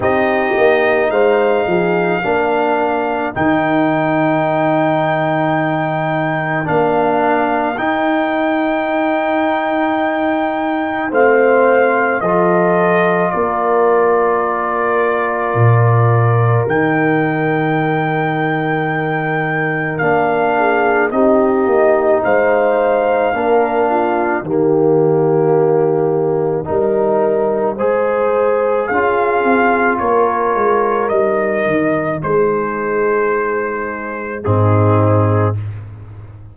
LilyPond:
<<
  \new Staff \with { instrumentName = "trumpet" } { \time 4/4 \tempo 4 = 54 dis''4 f''2 g''4~ | g''2 f''4 g''4~ | g''2 f''4 dis''4 | d''2. g''4~ |
g''2 f''4 dis''4 | f''2 dis''2~ | dis''2 f''4 cis''4 | dis''4 c''2 gis'4 | }
  \new Staff \with { instrumentName = "horn" } { \time 4/4 g'4 c''8 gis'8 ais'2~ | ais'1~ | ais'2 c''4 a'4 | ais'1~ |
ais'2~ ais'8 gis'8 g'4 | c''4 ais'8 f'8 g'2 | ais'4 c''4 gis'4 ais'4~ | ais'4 gis'2 dis'4 | }
  \new Staff \with { instrumentName = "trombone" } { \time 4/4 dis'2 d'4 dis'4~ | dis'2 d'4 dis'4~ | dis'2 c'4 f'4~ | f'2. dis'4~ |
dis'2 d'4 dis'4~ | dis'4 d'4 ais2 | dis'4 gis'4 f'2 | dis'2. c'4 | }
  \new Staff \with { instrumentName = "tuba" } { \time 4/4 c'8 ais8 gis8 f8 ais4 dis4~ | dis2 ais4 dis'4~ | dis'2 a4 f4 | ais2 ais,4 dis4~ |
dis2 ais4 c'8 ais8 | gis4 ais4 dis2 | g4 gis4 cis'8 c'8 ais8 gis8 | g8 dis8 gis2 gis,4 | }
>>